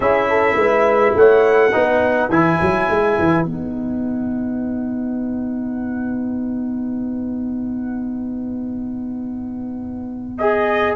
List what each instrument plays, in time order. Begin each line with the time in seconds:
0.00 tuba C#4, trombone E4, horn G#4, trumpet E5
0.29 horn A4
0.55 tuba G#3, horn B4
1.15 tuba A3, horn C#5, trumpet F#5
1.72 tuba B3, trombone D#4, horn B4
2.28 tuba E3, trombone E4, trumpet G#5
2.61 tuba F#3
2.89 tuba G#3
3.18 tuba E3
3.45 tuba B3, trombone D#4, trumpet F#5
10.38 trombone G#4, trumpet D#5